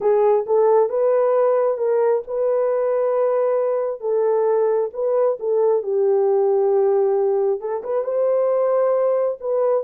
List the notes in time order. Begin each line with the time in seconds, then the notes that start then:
0.00 G#4
0.46 A4
0.89 B4
1.77 A#4
2.27 B4
4.00 A4
4.93 B4
5.39 A4
5.82 G4
7.60 A4
7.83 B4
8.04 C5
9.40 B4